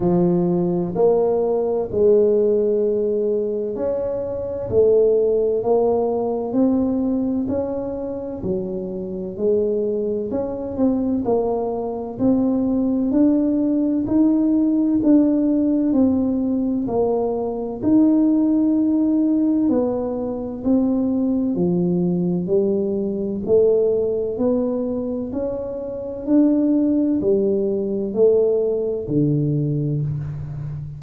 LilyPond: \new Staff \with { instrumentName = "tuba" } { \time 4/4 \tempo 4 = 64 f4 ais4 gis2 | cis'4 a4 ais4 c'4 | cis'4 fis4 gis4 cis'8 c'8 | ais4 c'4 d'4 dis'4 |
d'4 c'4 ais4 dis'4~ | dis'4 b4 c'4 f4 | g4 a4 b4 cis'4 | d'4 g4 a4 d4 | }